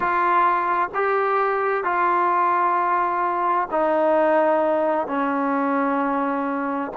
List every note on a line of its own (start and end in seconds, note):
0.00 0.89 F4
0.94 1.83 G4
1.83 3.68 F4
3.71 5.07 D#4
5.07 6.91 C#4